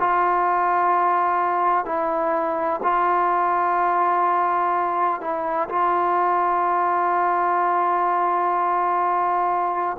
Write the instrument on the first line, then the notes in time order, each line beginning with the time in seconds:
trombone
0.00 F4
1.85 E4
2.83 F4
5.21 E4
5.69 F4